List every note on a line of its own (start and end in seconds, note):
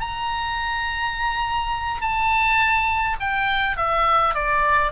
0.00 2.01 A#5
2.01 3.17 A5
3.20 3.77 G5
3.77 4.35 E5
4.35 4.92 D5